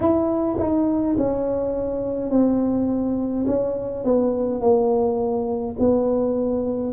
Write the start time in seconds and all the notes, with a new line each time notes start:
0.00 E4
0.58 D#4
1.17 C#4
2.30 C4
3.46 C#4
4.04 B3
4.60 A#3
5.78 B3